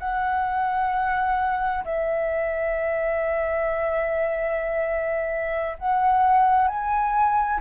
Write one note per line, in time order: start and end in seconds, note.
0.00 1.85 F#5
1.85 5.77 E5
5.79 6.68 F#5
6.68 7.60 G#5